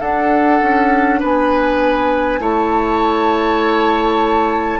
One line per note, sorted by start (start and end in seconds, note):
0.00 2.40 D4
0.00 0.61 D4
0.00 1.20 A4
0.00 1.21 F#5
0.62 1.22 C#4
1.20 2.40 B3
1.20 2.40 B4
1.20 2.43 G#5
2.40 4.80 A3
2.40 4.80 E4
2.40 4.80 C#5
2.40 4.80 A5